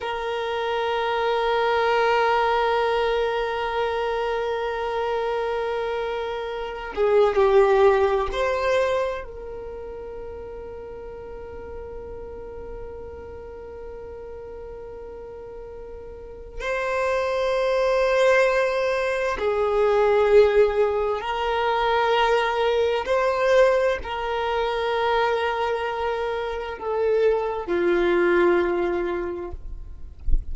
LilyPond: \new Staff \with { instrumentName = "violin" } { \time 4/4 \tempo 4 = 65 ais'1~ | ais'2.~ ais'8 gis'8 | g'4 c''4 ais'2~ | ais'1~ |
ais'2 c''2~ | c''4 gis'2 ais'4~ | ais'4 c''4 ais'2~ | ais'4 a'4 f'2 | }